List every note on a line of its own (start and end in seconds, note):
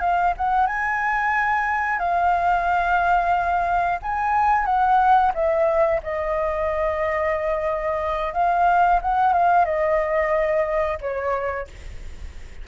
0.00 0.33 F5
0.37 0.66 F#5
0.66 1.98 G#5
1.98 3.98 F5
4.02 4.65 G#5
4.65 5.32 F#5
5.34 6.00 E5
6.02 8.33 D#5
8.33 9.00 F5
9.02 9.32 F#5
9.32 9.65 F5
9.65 10.98 D#5
11.01 11.67 C#5